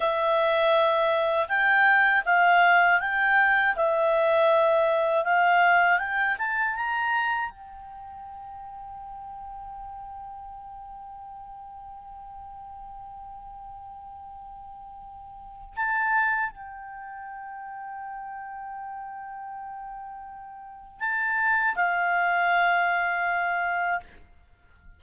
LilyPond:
\new Staff \with { instrumentName = "clarinet" } { \time 4/4 \tempo 4 = 80 e''2 g''4 f''4 | g''4 e''2 f''4 | g''8 a''8 ais''4 g''2~ | g''1~ |
g''1~ | g''4 a''4 g''2~ | g''1 | a''4 f''2. | }